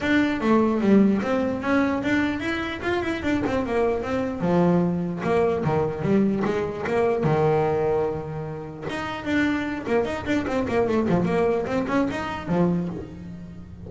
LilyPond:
\new Staff \with { instrumentName = "double bass" } { \time 4/4 \tempo 4 = 149 d'4 a4 g4 c'4 | cis'4 d'4 e'4 f'8 e'8 | d'8 c'8 ais4 c'4 f4~ | f4 ais4 dis4 g4 |
gis4 ais4 dis2~ | dis2 dis'4 d'4~ | d'8 ais8 dis'8 d'8 c'8 ais8 a8 f8 | ais4 c'8 cis'8 dis'4 f4 | }